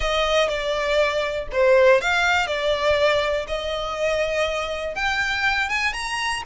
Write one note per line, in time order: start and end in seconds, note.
0.00 0.48 D#5
0.48 1.47 D5
1.52 2.01 C5
2.01 2.47 F5
2.47 3.46 D5
3.47 4.95 D#5
4.95 5.69 G5
5.69 5.93 G#5
5.93 6.42 A#5